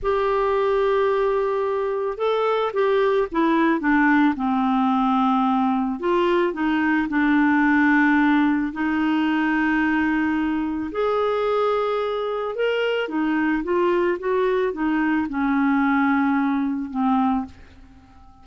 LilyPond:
\new Staff \with { instrumentName = "clarinet" } { \time 4/4 \tempo 4 = 110 g'1 | a'4 g'4 e'4 d'4 | c'2. f'4 | dis'4 d'2. |
dis'1 | gis'2. ais'4 | dis'4 f'4 fis'4 dis'4 | cis'2. c'4 | }